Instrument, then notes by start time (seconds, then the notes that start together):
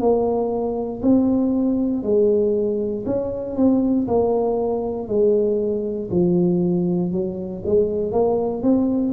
tuba
0.00 A#3
1.02 C4
2.03 G#3
3.06 C#4
3.56 C4
4.07 A#3
5.08 G#3
6.11 F3
7.12 F#3
7.65 G#3
8.12 A#3
8.63 C4